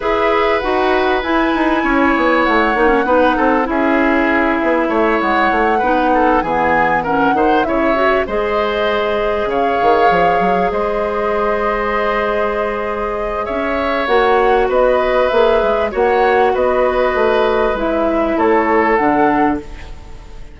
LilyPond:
<<
  \new Staff \with { instrumentName = "flute" } { \time 4/4 \tempo 4 = 98 e''4 fis''4 gis''2 | fis''2 e''2~ | e''8 fis''2 gis''4 fis''8~ | fis''8 e''4 dis''2 f''8~ |
f''4. dis''2~ dis''8~ | dis''2 e''4 fis''4 | dis''4 e''4 fis''4 dis''4~ | dis''4 e''4 cis''4 fis''4 | }
  \new Staff \with { instrumentName = "oboe" } { \time 4/4 b'2. cis''4~ | cis''4 b'8 a'8 gis'2 | cis''4. b'8 a'8 gis'4 ais'8 | c''8 cis''4 c''2 cis''8~ |
cis''4. c''2~ c''8~ | c''2 cis''2 | b'2 cis''4 b'4~ | b'2 a'2 | }
  \new Staff \with { instrumentName = "clarinet" } { \time 4/4 gis'4 fis'4 e'2~ | e'8 dis'16 cis'16 dis'4 e'2~ | e'4. dis'4 b4 cis'8 | dis'8 e'8 fis'8 gis'2~ gis'8~ |
gis'1~ | gis'2. fis'4~ | fis'4 gis'4 fis'2~ | fis'4 e'2 d'4 | }
  \new Staff \with { instrumentName = "bassoon" } { \time 4/4 e'4 dis'4 e'8 dis'8 cis'8 b8 | a8 ais8 b8 c'8 cis'4. b8 | a8 gis8 a8 b4 e4. | dis8 cis4 gis2 cis8 |
dis8 f8 fis8 gis2~ gis8~ | gis2 cis'4 ais4 | b4 ais8 gis8 ais4 b4 | a4 gis4 a4 d4 | }
>>